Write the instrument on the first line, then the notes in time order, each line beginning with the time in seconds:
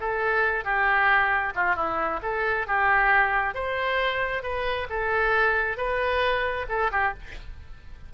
oboe
0.00 A4
0.64 G4
1.55 F4
1.76 E4
2.22 A4
2.67 G4
3.54 C5
4.43 B4
4.89 A4
5.77 B4
6.68 A4
6.91 G4